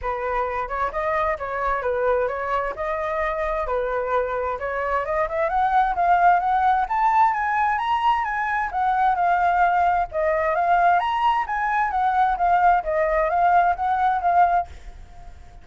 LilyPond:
\new Staff \with { instrumentName = "flute" } { \time 4/4 \tempo 4 = 131 b'4. cis''8 dis''4 cis''4 | b'4 cis''4 dis''2 | b'2 cis''4 dis''8 e''8 | fis''4 f''4 fis''4 a''4 |
gis''4 ais''4 gis''4 fis''4 | f''2 dis''4 f''4 | ais''4 gis''4 fis''4 f''4 | dis''4 f''4 fis''4 f''4 | }